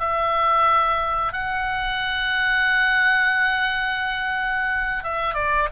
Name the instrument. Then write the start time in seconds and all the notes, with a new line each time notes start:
oboe
0.00 E5
1.33 F#5
5.04 E5
5.35 D5